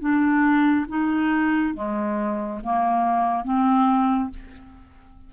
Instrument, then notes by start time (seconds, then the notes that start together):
clarinet
0.00 D4
0.88 D#4
1.74 G#3
2.63 A#3
3.44 C4